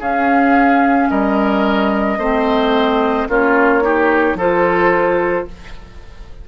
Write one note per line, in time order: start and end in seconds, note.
0.00 1.09 C#4
0.00 2.19 C#4
0.00 1.09 G#4
0.00 1.10 F5
1.10 2.18 G3
1.10 2.19 A#4
1.10 3.29 D#5
2.18 3.27 A3
2.18 3.29 C4
2.18 3.28 C5
3.29 4.35 A#3
3.29 3.82 C#4
3.29 3.84 F4
3.29 4.39 C#5
3.82 4.37 D#4
3.82 4.38 G4
4.35 5.44 F3
4.35 5.48 F4
4.35 5.47 A4
4.35 5.48 C5